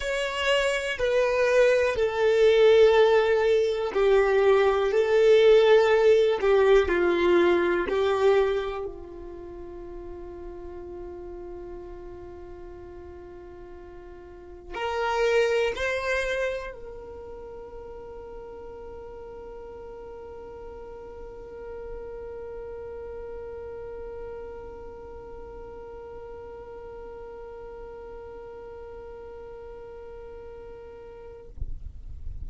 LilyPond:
\new Staff \with { instrumentName = "violin" } { \time 4/4 \tempo 4 = 61 cis''4 b'4 a'2 | g'4 a'4. g'8 f'4 | g'4 f'2.~ | f'2. ais'4 |
c''4 ais'2.~ | ais'1~ | ais'1~ | ais'1 | }